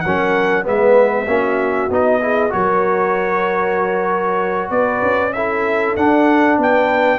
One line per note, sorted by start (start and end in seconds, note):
0.00 0.66 F#3
0.00 0.63 C#4
0.00 0.64 A#4
0.00 0.62 F#5
0.63 1.27 G#3
0.63 1.26 B3
0.63 1.26 B4
0.63 1.92 E5
1.27 1.89 A#3
1.27 1.89 C#4
1.27 2.21 F#4
1.90 2.52 B3
1.90 2.21 D#4
1.90 2.52 D#5
2.21 2.49 E4
2.21 2.52 G#4
2.49 4.70 F#3
2.49 5.31 F#4
2.49 4.71 A#4
2.49 4.70 C#5
4.70 5.01 B3
4.70 5.34 B4
4.70 5.33 D5
5.01 5.95 C#4
5.33 5.97 E4
5.33 6.60 A4
5.33 5.95 E5
5.96 6.57 D4
5.96 7.19 D4
5.96 6.58 F#5
6.57 7.19 B3
6.57 7.19 B4
6.57 7.19 G5